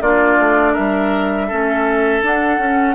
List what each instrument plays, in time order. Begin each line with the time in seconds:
0.00 bassoon A#3, clarinet D4, oboe F4, flute D5
0.39 bassoon A3
0.72 bassoon G3, oboe A#4, flute E5
1.47 bassoon A3, clarinet C#4, oboe A4
2.22 clarinet D4, bassoon D4, flute F#5
2.58 bassoon C#4, clarinet C#4